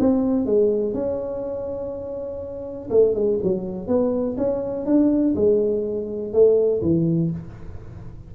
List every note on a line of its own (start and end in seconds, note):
0.00 0.46 C4
0.46 0.94 G#3
0.94 2.89 C#4
2.90 3.15 A3
3.15 3.39 G#3
3.43 3.88 F#3
3.88 4.37 B3
4.37 4.86 C#4
4.86 5.35 D4
5.35 6.33 G#3
6.33 6.82 A3
6.82 7.31 E3